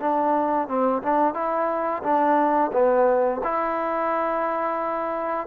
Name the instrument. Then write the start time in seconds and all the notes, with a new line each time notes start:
trombone
0.00 D4
0.68 C4
1.03 D4
1.34 E4
2.03 D4
2.73 B3
3.44 E4